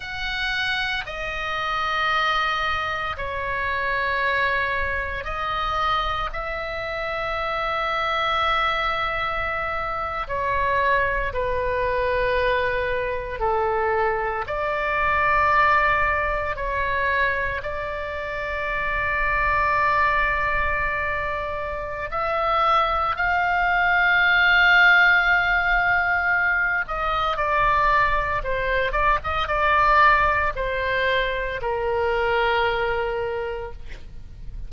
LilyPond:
\new Staff \with { instrumentName = "oboe" } { \time 4/4 \tempo 4 = 57 fis''4 dis''2 cis''4~ | cis''4 dis''4 e''2~ | e''4.~ e''16 cis''4 b'4~ b'16~ | b'8. a'4 d''2 cis''16~ |
cis''8. d''2.~ d''16~ | d''4 e''4 f''2~ | f''4. dis''8 d''4 c''8 d''16 dis''16 | d''4 c''4 ais'2 | }